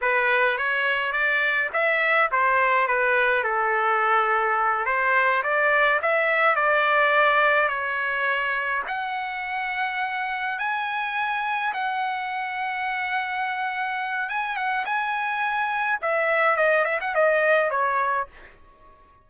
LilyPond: \new Staff \with { instrumentName = "trumpet" } { \time 4/4 \tempo 4 = 105 b'4 cis''4 d''4 e''4 | c''4 b'4 a'2~ | a'8 c''4 d''4 e''4 d''8~ | d''4. cis''2 fis''8~ |
fis''2~ fis''8 gis''4.~ | gis''8 fis''2.~ fis''8~ | fis''4 gis''8 fis''8 gis''2 | e''4 dis''8 e''16 fis''16 dis''4 cis''4 | }